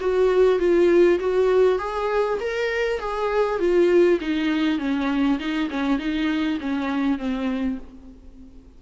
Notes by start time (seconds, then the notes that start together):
0.00 F#4
0.59 F4
1.19 F#4
1.78 G#4
2.40 A#4
2.99 G#4
3.59 F4
4.21 D#4
4.78 C#4
5.39 D#4
5.70 C#4
5.98 D#4
6.60 C#4
7.18 C4